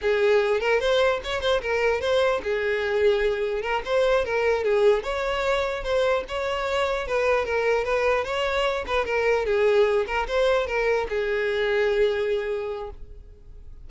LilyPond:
\new Staff \with { instrumentName = "violin" } { \time 4/4 \tempo 4 = 149 gis'4. ais'8 c''4 cis''8 c''8 | ais'4 c''4 gis'2~ | gis'4 ais'8 c''4 ais'4 gis'8~ | gis'8 cis''2 c''4 cis''8~ |
cis''4. b'4 ais'4 b'8~ | b'8 cis''4. b'8 ais'4 gis'8~ | gis'4 ais'8 c''4 ais'4 gis'8~ | gis'1 | }